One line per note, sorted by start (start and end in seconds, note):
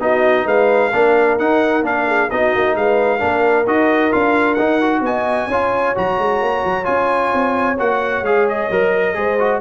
0.00 0.45 B3
0.00 0.92 D#4
0.00 0.45 F#4
0.00 0.47 D#5
0.45 0.91 G#3
0.45 0.90 B4
0.45 1.38 F5
0.90 1.39 A#3
0.90 1.39 D4
0.90 2.05 A#4
1.38 1.83 D#4
1.38 1.82 D#4
1.38 1.84 F#5
1.82 2.28 A#3
1.82 2.29 D4
1.82 2.30 F5
2.07 2.30 G#4
2.30 2.54 B3
2.30 3.19 D#4
2.30 2.77 F#4
2.30 2.76 D#5
2.54 2.75 A#3
2.75 3.21 G#3
2.75 3.18 B4
2.75 3.67 F5
3.18 3.66 A#3
3.18 3.65 D4
3.18 5.01 A#4
3.66 4.12 D#4
3.66 4.11 F#4
3.66 4.12 D#5
4.11 4.58 D4
4.11 4.57 F4
4.11 4.54 F5
4.54 5.00 D#4
4.54 4.81 D#4
4.54 5.00 F#5
4.81 5.50 F#4
5.00 5.46 B3
5.00 5.47 D#5
5.00 5.96 G#5
5.47 5.92 C#4
5.47 5.95 F4
5.47 9.14 C#5
5.95 6.18 F#3
5.95 6.83 F#4
5.95 6.85 A#5
6.18 6.41 G#3
6.41 6.63 A#3
6.64 6.87 F#3
6.83 7.33 C#4
6.83 7.75 F4
6.83 7.76 G#5
7.33 7.79 C4
7.78 8.21 A#3
7.78 8.24 F#4
7.78 8.24 F#5
8.21 8.67 G#3
8.21 8.71 G#4
8.21 8.47 F5
8.48 9.61 D#5
8.70 9.15 F#3
8.70 9.14 A#4
9.14 9.61 G#3
9.14 9.37 G#4
9.14 9.61 C5
9.39 9.61 F#4